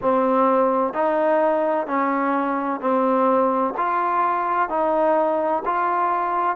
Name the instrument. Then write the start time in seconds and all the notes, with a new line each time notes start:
trombone
0.01 C4
0.93 D#4
1.87 C#4
2.80 C4
3.77 F4
4.69 D#4
5.65 F4